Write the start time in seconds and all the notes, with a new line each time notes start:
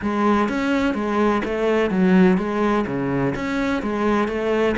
0.02 G#3
0.48 C#4
0.94 G#3
1.44 A3
1.90 F#3
2.37 G#3
2.86 C#3
3.35 C#4
3.82 G#3
4.28 A3